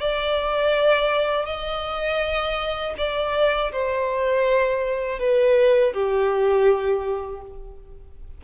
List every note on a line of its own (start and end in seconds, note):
0.00 1.46 D5
1.46 2.94 D#5
2.98 3.72 D5
3.72 5.19 C5
5.19 5.93 B4
5.93 7.41 G4